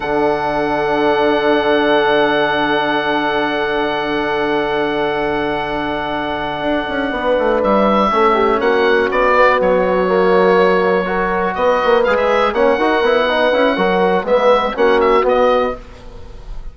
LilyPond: <<
  \new Staff \with { instrumentName = "oboe" } { \time 4/4 \tempo 4 = 122 fis''1~ | fis''1~ | fis''1~ | fis''2.~ fis''8 e''8~ |
e''4. fis''4 d''4 cis''8~ | cis''2.~ cis''8 dis''8~ | dis''8 f''16 e''8. fis''2~ fis''8~ | fis''4 e''4 fis''8 e''8 dis''4 | }
  \new Staff \with { instrumentName = "horn" } { \time 4/4 a'1~ | a'1~ | a'1~ | a'2~ a'8 b'4.~ |
b'8 a'8 g'8 fis'2~ fis'8~ | fis'2~ fis'8 ais'4 b'8~ | b'4. cis''8 ais'4 b'4 | ais'4 b'4 fis'2 | }
  \new Staff \with { instrumentName = "trombone" } { \time 4/4 d'1~ | d'1~ | d'1~ | d'1~ |
d'8 cis'2~ cis'8 b4~ | b8 ais2 fis'4.~ | fis'8 gis'4 cis'8 fis'8 e'8 dis'8 e'8 | fis'4 b4 cis'4 b4 | }
  \new Staff \with { instrumentName = "bassoon" } { \time 4/4 d1~ | d1~ | d1~ | d4. d'8 cis'8 b8 a8 g8~ |
g8 a4 ais4 b4 fis8~ | fis2.~ fis8 b8 | ais8 gis4 ais8 dis'8 b4 cis'8 | fis4 gis4 ais4 b4 | }
>>